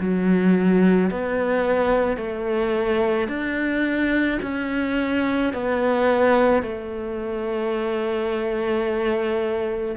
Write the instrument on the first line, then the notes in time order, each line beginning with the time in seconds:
cello
0.00 F#3
1.11 B3
2.17 A3
3.28 D4
4.42 C#4
5.53 B3
6.63 A3